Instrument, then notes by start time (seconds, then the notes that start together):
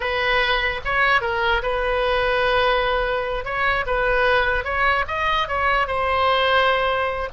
oboe
0.00 B4
0.84 C#5
1.21 A#4
1.62 B4
3.44 C#5
3.86 B4
4.64 C#5
5.07 D#5
5.48 C#5
5.87 C5